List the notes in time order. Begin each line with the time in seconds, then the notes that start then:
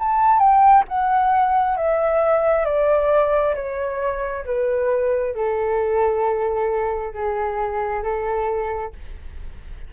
0.00 A5
0.39 G5
0.88 F#5
1.77 E5
2.65 D5
3.56 C#5
4.46 B4
5.35 A4
7.14 G#4
8.04 A4